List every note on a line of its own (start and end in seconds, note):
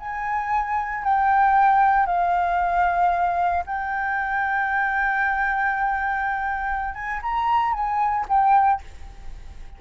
0.00 1.04 G#5
1.04 2.07 G5
2.07 3.65 F5
3.67 6.95 G5
6.95 7.21 G#5
7.23 7.73 A#5
7.73 8.26 G#5
8.29 8.82 G5